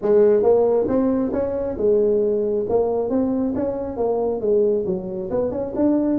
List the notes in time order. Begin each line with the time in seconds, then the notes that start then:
0.01 G#3
0.43 A#3
0.87 C4
1.32 C#4
1.77 G#3
2.69 A#3
3.09 C4
3.55 C#4
3.96 A#3
4.40 G#3
4.86 F#3
5.30 B3
5.51 C#4
5.75 D4